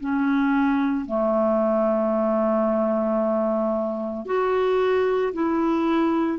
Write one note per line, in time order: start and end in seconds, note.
0.00 1.06 C#4
1.06 4.26 A3
4.26 5.33 F#4
5.34 6.39 E4